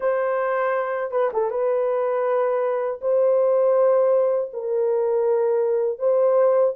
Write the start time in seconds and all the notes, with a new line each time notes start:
0.00 C5
1.10 B4
1.33 A4
1.50 B4
3.01 C5
4.53 A#4
5.99 C5